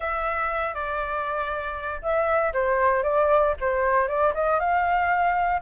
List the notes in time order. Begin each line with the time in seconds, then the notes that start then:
0.00 E5
0.74 D5
2.02 E5
2.53 C5
3.03 D5
3.60 C5
4.07 D5
4.34 D#5
4.59 F5